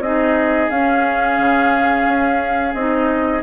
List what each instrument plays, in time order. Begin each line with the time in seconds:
0.00 bassoon C4, clarinet D#4, oboe G#4, flute D#5
0.70 bassoon C#4, clarinet C#4, flute F5
1.38 bassoon C#3
2.07 bassoon C#4
2.74 bassoon C4, clarinet D#4, flute D#5